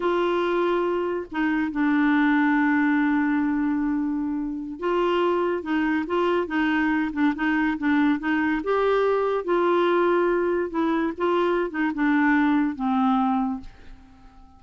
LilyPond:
\new Staff \with { instrumentName = "clarinet" } { \time 4/4 \tempo 4 = 141 f'2. dis'4 | d'1~ | d'2.~ d'16 f'8.~ | f'4~ f'16 dis'4 f'4 dis'8.~ |
dis'8. d'8 dis'4 d'4 dis'8.~ | dis'16 g'2 f'4.~ f'16~ | f'4~ f'16 e'4 f'4~ f'16 dis'8 | d'2 c'2 | }